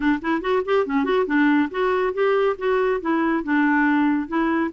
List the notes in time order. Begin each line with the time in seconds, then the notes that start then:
0.00 D4
0.21 E4
0.41 F#4
0.65 G4
0.86 C#4
1.04 F#4
1.26 D4
1.70 F#4
2.13 G4
2.58 F#4
3.00 E4
3.43 D4
4.28 E4